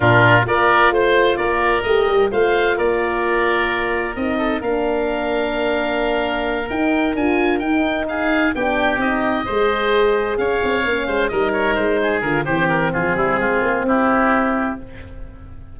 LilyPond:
<<
  \new Staff \with { instrumentName = "oboe" } { \time 4/4 \tempo 4 = 130 ais'4 d''4 c''4 d''4 | dis''4 f''4 d''2~ | d''4 dis''4 f''2~ | f''2~ f''8 g''4 gis''8~ |
gis''8 g''4 f''4 g''4 dis''8~ | dis''2~ dis''8 f''4.~ | f''8 dis''8 cis''8 c''4 ais'8 c''8 ais'8 | gis'2 g'2 | }
  \new Staff \with { instrumentName = "oboe" } { \time 4/4 f'4 ais'4 c''4 ais'4~ | ais'4 c''4 ais'2~ | ais'4. a'8 ais'2~ | ais'1~ |
ais'4. gis'4 g'4.~ | g'8 c''2 cis''4. | c''8 ais'4. gis'4 g'4 | f'8 e'8 f'4 e'2 | }
  \new Staff \with { instrumentName = "horn" } { \time 4/4 d'4 f'2. | g'4 f'2.~ | f'4 dis'4 d'2~ | d'2~ d'8 dis'4 f'8~ |
f'8 dis'2 d'4 dis'8~ | dis'8 gis'2. cis'8~ | cis'8 dis'2 f'8 c'4~ | c'1 | }
  \new Staff \with { instrumentName = "tuba" } { \time 4/4 ais,4 ais4 a4 ais4 | a8 g8 a4 ais2~ | ais4 c'4 ais2~ | ais2~ ais8 dis'4 d'8~ |
d'8 dis'2 b4 c'8~ | c'8 gis2 cis'8 c'8 ais8 | gis8 g4 gis4 d8 e4 | f8 g8 gis8 ais8 c'2 | }
>>